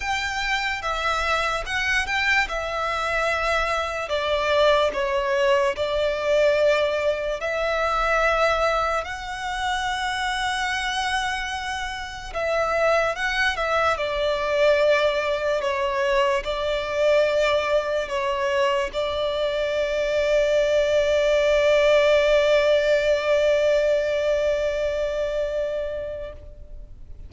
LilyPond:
\new Staff \with { instrumentName = "violin" } { \time 4/4 \tempo 4 = 73 g''4 e''4 fis''8 g''8 e''4~ | e''4 d''4 cis''4 d''4~ | d''4 e''2 fis''4~ | fis''2. e''4 |
fis''8 e''8 d''2 cis''4 | d''2 cis''4 d''4~ | d''1~ | d''1 | }